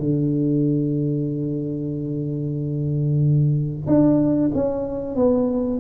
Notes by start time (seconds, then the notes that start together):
0.00 D3
3.87 D4
4.55 C#4
5.16 B3